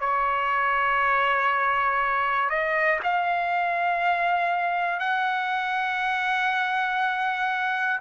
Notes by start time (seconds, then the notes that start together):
0.00 C#5
2.50 D#5
3.03 F5
5.00 F#5